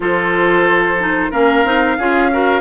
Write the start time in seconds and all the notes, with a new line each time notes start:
0.00 F3 F4 A4 C5
0.98 D#4
1.30 A#3 C#4 A#4 F5
1.64 C4 D#4
1.98 C#4 F4 G#4
2.31 F#4 A#4